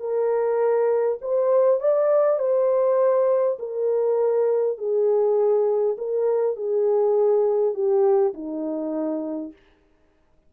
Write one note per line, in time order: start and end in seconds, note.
0.00 1.19 A#4
1.22 1.80 C5
1.80 2.40 D5
2.40 3.58 C5
3.59 4.78 A#4
4.78 5.97 G#4
5.98 6.56 A#4
6.56 7.74 G#4
7.74 8.34 G4
8.34 9.53 D#4